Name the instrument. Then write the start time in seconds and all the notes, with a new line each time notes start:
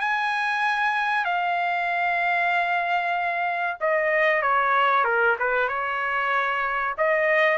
trumpet
0.00 G#5
1.24 F5
3.80 D#5
4.42 C#5
5.04 A#4
5.39 B4
5.68 C#5
6.97 D#5